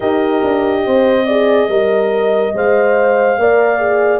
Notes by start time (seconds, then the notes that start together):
0.00 D#4 G4 A#4 D#5
0.43 D4
0.86 C4 C5
1.26 G#4 D5
1.68 G3 A#4 D#5
2.53 G#3 C5 F5
3.37 A#3 A#4 D5
3.79 G#4